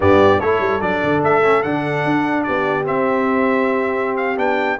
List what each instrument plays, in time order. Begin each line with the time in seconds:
0.00 tuba G2, trombone B3, horn G4, trumpet D5
0.39 tuba A3, trombone E4, horn A4, trumpet C#5
0.59 tuba G3
0.80 tuba F#3, trombone D4, trumpet D5
1.03 tuba D3
1.22 tuba A3, trumpet E5
1.43 trombone C#4
1.62 tuba D3, trombone D4, trumpet F#5
2.04 tuba D4
2.43 tuba B3, horn G4, trumpet D5
2.84 trombone C4, tuba C4, trumpet E5
4.17 trumpet F5
4.36 tuba B3, trombone D4, trumpet G5